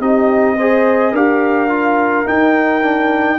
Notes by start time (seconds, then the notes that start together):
0.00 C4 D#4 G4 D#5
0.57 G#4 C5
1.12 D4 G4 A#4 F5
1.69 F4
2.26 D#4 G5
2.82 D4